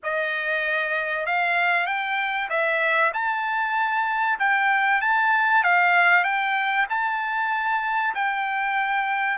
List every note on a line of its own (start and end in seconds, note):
0.03 1.26 D#5
1.26 1.86 F5
1.86 2.49 G5
2.49 3.12 E5
3.13 4.38 A5
4.39 5.01 G5
5.01 5.63 A5
5.63 6.23 F5
6.23 6.86 G5
6.89 8.14 A5
8.14 9.37 G5